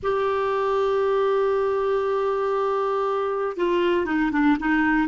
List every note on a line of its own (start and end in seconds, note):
0.03 3.56 G4
3.56 4.05 F4
4.05 4.31 D#4
4.31 4.57 D4
4.59 5.07 D#4